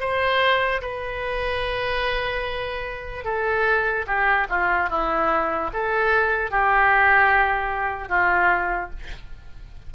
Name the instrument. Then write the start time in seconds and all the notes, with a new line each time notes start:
oboe
0.00 C5
0.81 B4
3.25 A4
4.07 G4
4.49 F4
4.90 E4
5.73 A4
6.51 G4
8.09 F4